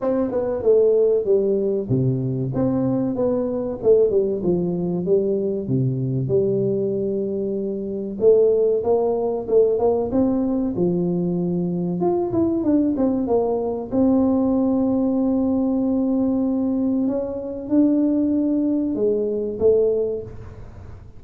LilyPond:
\new Staff \with { instrumentName = "tuba" } { \time 4/4 \tempo 4 = 95 c'8 b8 a4 g4 c4 | c'4 b4 a8 g8 f4 | g4 c4 g2~ | g4 a4 ais4 a8 ais8 |
c'4 f2 f'8 e'8 | d'8 c'8 ais4 c'2~ | c'2. cis'4 | d'2 gis4 a4 | }